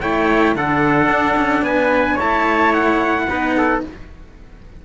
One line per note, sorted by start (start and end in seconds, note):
0.00 0.55 A3
0.00 0.55 E4
0.00 0.56 C#5
0.00 0.55 G5
0.55 1.08 D3
0.55 2.19 D4
0.55 1.66 A4
0.55 1.64 F#5
1.08 1.35 D4
1.36 1.61 C#4
1.61 2.16 B3
1.61 2.15 B4
1.61 2.19 G#5
2.15 3.28 E4
2.15 3.24 C#5
2.15 2.73 A5
2.21 3.28 A3
2.73 3.82 F#5
3.28 3.82 B3
3.28 3.84 D#4
3.28 3.56 B4
3.57 3.85 A4